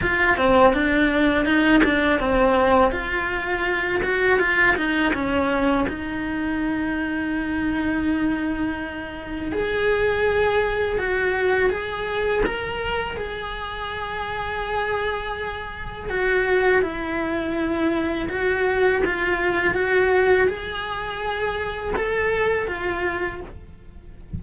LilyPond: \new Staff \with { instrumentName = "cello" } { \time 4/4 \tempo 4 = 82 f'8 c'8 d'4 dis'8 d'8 c'4 | f'4. fis'8 f'8 dis'8 cis'4 | dis'1~ | dis'4 gis'2 fis'4 |
gis'4 ais'4 gis'2~ | gis'2 fis'4 e'4~ | e'4 fis'4 f'4 fis'4 | gis'2 a'4 f'4 | }